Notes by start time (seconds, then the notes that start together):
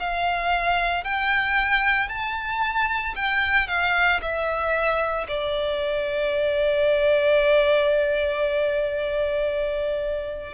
0.00 F5
1.04 G5
2.09 A5
3.16 G5
3.68 F5
4.22 E5
5.28 D5